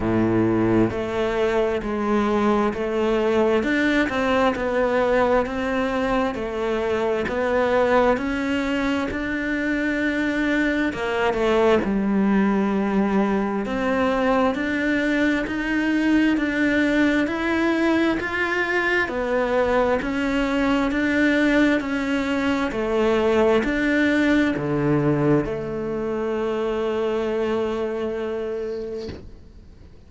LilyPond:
\new Staff \with { instrumentName = "cello" } { \time 4/4 \tempo 4 = 66 a,4 a4 gis4 a4 | d'8 c'8 b4 c'4 a4 | b4 cis'4 d'2 | ais8 a8 g2 c'4 |
d'4 dis'4 d'4 e'4 | f'4 b4 cis'4 d'4 | cis'4 a4 d'4 d4 | a1 | }